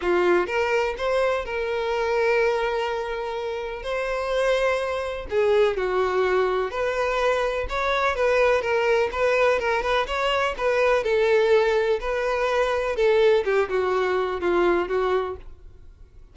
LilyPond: \new Staff \with { instrumentName = "violin" } { \time 4/4 \tempo 4 = 125 f'4 ais'4 c''4 ais'4~ | ais'1 | c''2. gis'4 | fis'2 b'2 |
cis''4 b'4 ais'4 b'4 | ais'8 b'8 cis''4 b'4 a'4~ | a'4 b'2 a'4 | g'8 fis'4. f'4 fis'4 | }